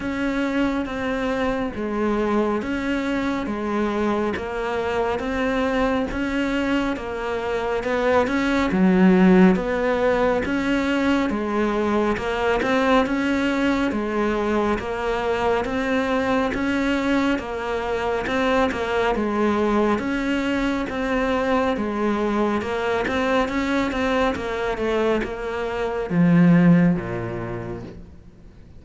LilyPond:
\new Staff \with { instrumentName = "cello" } { \time 4/4 \tempo 4 = 69 cis'4 c'4 gis4 cis'4 | gis4 ais4 c'4 cis'4 | ais4 b8 cis'8 fis4 b4 | cis'4 gis4 ais8 c'8 cis'4 |
gis4 ais4 c'4 cis'4 | ais4 c'8 ais8 gis4 cis'4 | c'4 gis4 ais8 c'8 cis'8 c'8 | ais8 a8 ais4 f4 ais,4 | }